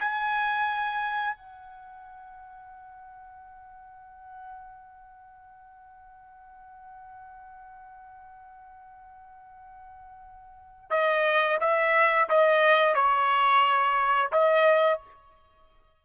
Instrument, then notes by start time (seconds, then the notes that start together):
trumpet
0.00 G#5
1.37 F#5
10.90 D#5
11.61 E5
12.29 D#5
12.95 C#5
14.32 D#5